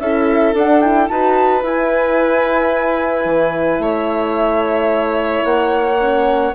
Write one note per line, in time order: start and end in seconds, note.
0.00 0.54 C#4
0.00 0.56 E4
0.00 1.11 A4
0.00 0.55 E5
0.54 1.09 D4
0.54 0.82 D4
0.54 0.81 F#5
0.81 1.09 E4
0.81 1.08 G5
1.09 1.63 D#4
1.09 1.63 F#4
1.09 3.82 B4
1.09 1.63 A5
1.63 5.99 E4
1.63 3.25 E4
1.63 3.83 G#5
3.25 3.79 E3
3.79 5.43 A3
3.79 6.55 C#5
3.79 5.45 E5
5.45 6.54 A#3
5.45 6.54 F#5
6.01 6.55 C#4